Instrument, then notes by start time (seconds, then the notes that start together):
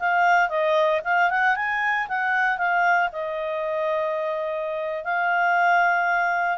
clarinet
0.00 F5
0.49 D#5
1.05 F5
1.30 F#5
1.56 G#5
2.08 F#5
2.58 F5
3.12 D#5
5.05 F5